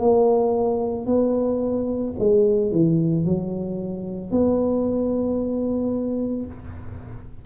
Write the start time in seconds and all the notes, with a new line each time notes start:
0.00 A#3
1.06 B3
2.19 G#3
2.72 E3
3.25 F#3
4.31 B3